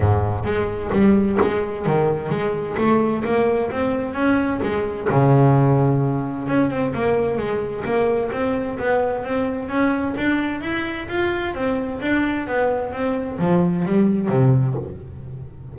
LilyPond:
\new Staff \with { instrumentName = "double bass" } { \time 4/4 \tempo 4 = 130 gis,4 gis4 g4 gis4 | dis4 gis4 a4 ais4 | c'4 cis'4 gis4 cis4~ | cis2 cis'8 c'8 ais4 |
gis4 ais4 c'4 b4 | c'4 cis'4 d'4 e'4 | f'4 c'4 d'4 b4 | c'4 f4 g4 c4 | }